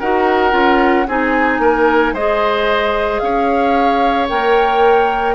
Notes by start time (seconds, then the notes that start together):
0.00 D#4 F#4 A#4 F#5
0.52 C#4 F4
1.08 C4 D#4 G#4 G#5
1.59 A#3 A#4
2.13 G#3 G#4 C5 D#5
3.20 C#4 C#5 F5
4.29 A#3 A#4 G5